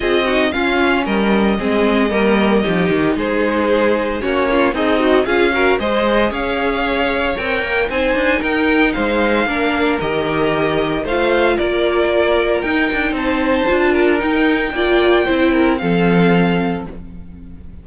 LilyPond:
<<
  \new Staff \with { instrumentName = "violin" } { \time 4/4 \tempo 4 = 114 dis''4 f''4 dis''2~ | dis''2 c''2 | cis''4 dis''4 f''4 dis''4 | f''2 g''4 gis''4 |
g''4 f''2 dis''4~ | dis''4 f''4 d''2 | g''4 a''2 g''4~ | g''2 f''2 | }
  \new Staff \with { instrumentName = "violin" } { \time 4/4 gis'8 fis'8 f'4 ais'4 gis'4 | ais'4 g'4 gis'2 | fis'8 f'8 dis'4 gis'8 ais'8 c''4 | cis''2. c''4 |
ais'4 c''4 ais'2~ | ais'4 c''4 ais'2~ | ais'4 c''4. ais'4. | d''4 c''8 ais'8 a'2 | }
  \new Staff \with { instrumentName = "viola" } { \time 4/4 f'8 dis'8 cis'2 c'4 | ais4 dis'2. | cis'4 gis'8 fis'8 f'8 fis'8 gis'4~ | gis'2 ais'4 dis'4~ |
dis'2 d'4 g'4~ | g'4 f'2. | dis'2 f'4 dis'4 | f'4 e'4 c'2 | }
  \new Staff \with { instrumentName = "cello" } { \time 4/4 c'4 cis'4 g4 gis4 | g4 f8 dis8 gis2 | ais4 c'4 cis'4 gis4 | cis'2 c'8 ais8 c'8 d'8 |
dis'4 gis4 ais4 dis4~ | dis4 a4 ais2 | dis'8 d'8 c'4 d'4 dis'4 | ais4 c'4 f2 | }
>>